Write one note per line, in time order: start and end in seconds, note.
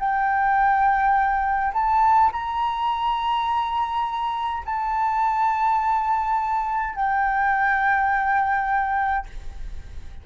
0.00 1.73 G5
1.74 2.32 A5
2.32 4.63 A#5
4.66 6.96 A5
6.96 9.27 G5